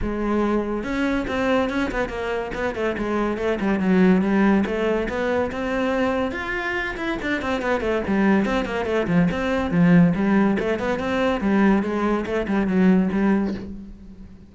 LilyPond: \new Staff \with { instrumentName = "cello" } { \time 4/4 \tempo 4 = 142 gis2 cis'4 c'4 | cis'8 b8 ais4 b8 a8 gis4 | a8 g8 fis4 g4 a4 | b4 c'2 f'4~ |
f'8 e'8 d'8 c'8 b8 a8 g4 | c'8 ais8 a8 f8 c'4 f4 | g4 a8 b8 c'4 g4 | gis4 a8 g8 fis4 g4 | }